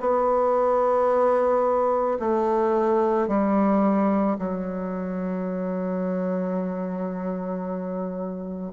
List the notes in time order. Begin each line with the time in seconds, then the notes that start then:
0.00 B3
2.19 A3
3.28 G3
4.39 F#3